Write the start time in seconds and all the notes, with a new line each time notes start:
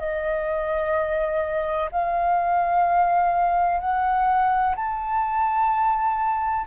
0.00 D#5
1.92 F5
3.80 F#5
4.76 A5